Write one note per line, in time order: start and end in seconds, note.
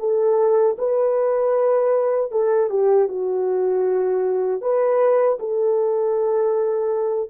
0.00 0.77 A4
0.79 2.32 B4
2.32 2.70 A4
2.70 3.08 G4
3.09 4.62 F#4
4.62 5.39 B4
5.40 7.30 A4